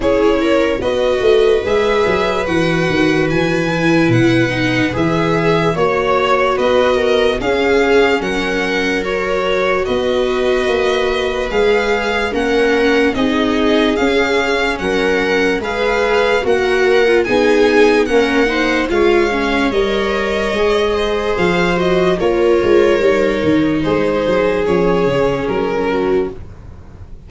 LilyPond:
<<
  \new Staff \with { instrumentName = "violin" } { \time 4/4 \tempo 4 = 73 cis''4 dis''4 e''4 fis''4 | gis''4 fis''4 e''4 cis''4 | dis''4 f''4 fis''4 cis''4 | dis''2 f''4 fis''4 |
dis''4 f''4 fis''4 f''4 | fis''4 gis''4 fis''4 f''4 | dis''2 f''8 dis''8 cis''4~ | cis''4 c''4 cis''4 ais'4 | }
  \new Staff \with { instrumentName = "viola" } { \time 4/4 gis'8 ais'8 b'2.~ | b'2. cis''4 | b'8 ais'8 gis'4 ais'2 | b'2. ais'4 |
gis'2 ais'4 b'4 | ais'4 gis'4 ais'8 c''8 cis''4~ | cis''4. c''4. ais'4~ | ais'4 gis'2~ gis'8 fis'8 | }
  \new Staff \with { instrumentName = "viola" } { \time 4/4 e'4 fis'4 gis'4 fis'4~ | fis'8 e'4 dis'8 gis'4 fis'4~ | fis'4 cis'2 fis'4~ | fis'2 gis'4 cis'4 |
dis'4 cis'2 gis'4 | fis'8. f'16 dis'4 cis'8 dis'8 f'8 cis'8 | ais'4 gis'4. fis'8 f'4 | dis'2 cis'2 | }
  \new Staff \with { instrumentName = "tuba" } { \time 4/4 cis'4 b8 a8 gis8 fis8 e8 dis8 | e4 b,4 e4 ais4 | b4 cis'4 fis2 | b4 ais4 gis4 ais4 |
c'4 cis'4 fis4 gis4 | ais4 b4 ais4 gis4 | g4 gis4 f4 ais8 gis8 | g8 dis8 gis8 fis8 f8 cis8 fis4 | }
>>